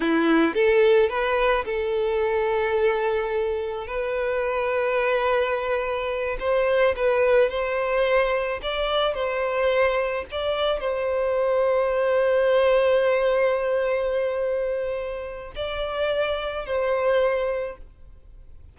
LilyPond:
\new Staff \with { instrumentName = "violin" } { \time 4/4 \tempo 4 = 108 e'4 a'4 b'4 a'4~ | a'2. b'4~ | b'2.~ b'8 c''8~ | c''8 b'4 c''2 d''8~ |
d''8 c''2 d''4 c''8~ | c''1~ | c''1 | d''2 c''2 | }